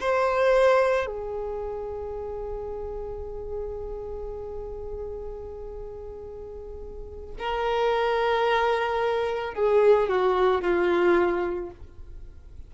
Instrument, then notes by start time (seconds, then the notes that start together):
violin
0.00 C5
1.06 G#4
7.38 A#4
9.54 G#4
10.09 F#4
10.61 F4